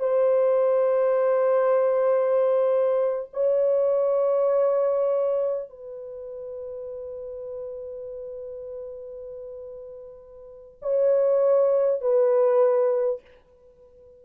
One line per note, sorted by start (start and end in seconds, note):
0.00 3.30 C5
3.33 5.70 C#5
5.70 10.80 B4
10.82 12.01 C#5
12.01 13.21 B4